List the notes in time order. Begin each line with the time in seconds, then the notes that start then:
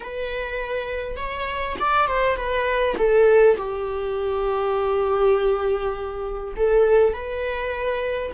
0.00 B4
1.16 C#5
1.79 D5
2.07 C5
2.36 B4
2.97 A4
3.57 G4
6.56 A4
7.13 B4